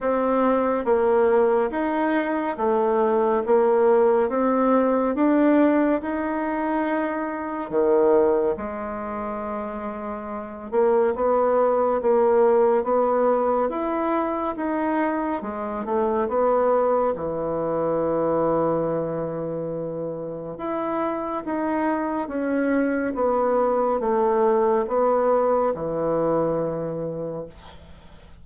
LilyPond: \new Staff \with { instrumentName = "bassoon" } { \time 4/4 \tempo 4 = 70 c'4 ais4 dis'4 a4 | ais4 c'4 d'4 dis'4~ | dis'4 dis4 gis2~ | gis8 ais8 b4 ais4 b4 |
e'4 dis'4 gis8 a8 b4 | e1 | e'4 dis'4 cis'4 b4 | a4 b4 e2 | }